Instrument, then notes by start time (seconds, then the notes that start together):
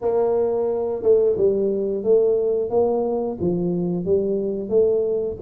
tuba
0.01 A#3
1.02 A3
1.36 G3
2.03 A3
2.70 A#3
3.40 F3
4.04 G3
4.69 A3